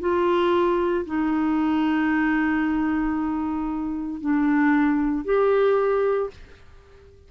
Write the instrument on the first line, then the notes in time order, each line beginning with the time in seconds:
clarinet
0.00 F4
1.06 D#4
4.21 D4
5.25 G4